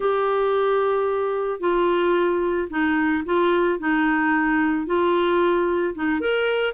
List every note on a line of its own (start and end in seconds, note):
0.00 1.60 G4
1.60 2.68 F4
2.70 3.24 D#4
3.25 3.79 F4
3.79 4.86 D#4
4.86 5.94 F4
5.95 6.20 D#4
6.20 6.73 A#4